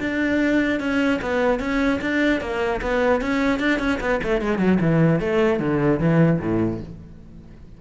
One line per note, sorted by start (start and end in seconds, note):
0.00 0.80 D4
0.80 1.20 C#4
1.22 1.60 B3
1.60 2.00 C#4
2.01 2.41 D4
2.41 2.81 A#3
2.81 3.21 B3
3.21 3.59 C#4
3.59 3.79 D4
3.79 3.99 C#4
4.00 4.20 B3
4.23 4.41 A3
4.41 4.58 G#3
4.58 4.78 F#3
4.81 5.20 E3
5.20 5.60 A3
5.60 5.99 D3
5.99 6.39 E3
6.40 6.80 A2